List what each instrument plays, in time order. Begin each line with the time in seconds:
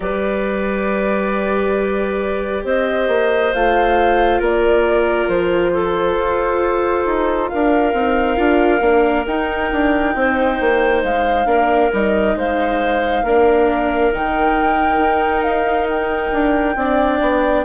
0.00 bassoon G3, viola G4, clarinet B4, flute D5
2.64 bassoon C4, clarinet C5, flute D#5
3.08 bassoon A#3
3.53 bassoon A3, viola F4, flute F5
4.39 bassoon A#3, clarinet A#4, flute D5
5.28 bassoon F3, flute C5
5.73 clarinet A4
6.17 bassoon F4
7.05 bassoon D#4
7.48 bassoon D4, clarinet A#4, flute F5
7.93 bassoon C4, viola D#4
8.36 bassoon D4, viola F4
8.81 bassoon A#3, viola D4
9.26 bassoon D#4, viola D#4, flute G5
9.72 bassoon D4
10.14 bassoon C4, clarinet C5
10.60 bassoon A#3
11.03 bassoon G#3, flute F5
11.45 bassoon A#3, viola D4, clarinet A#4
11.92 bassoon G3, viola D#4, flute D#5
12.35 bassoon G#3, clarinet C5, flute F5
13.23 bassoon A#3, viola D4, clarinet A#4
14.12 bassoon D#3, viola D#4, flute G5
14.97 bassoon D#4
15.42 flute F5
15.88 flute G5
16.33 bassoon D4
16.75 bassoon C4, viola D4, clarinet D5
17.20 bassoon B3